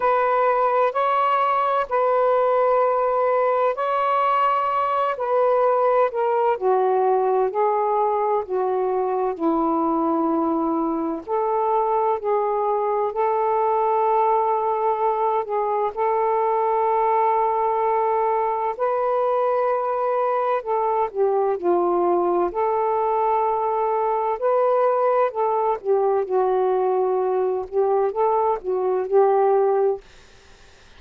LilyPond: \new Staff \with { instrumentName = "saxophone" } { \time 4/4 \tempo 4 = 64 b'4 cis''4 b'2 | cis''4. b'4 ais'8 fis'4 | gis'4 fis'4 e'2 | a'4 gis'4 a'2~ |
a'8 gis'8 a'2. | b'2 a'8 g'8 f'4 | a'2 b'4 a'8 g'8 | fis'4. g'8 a'8 fis'8 g'4 | }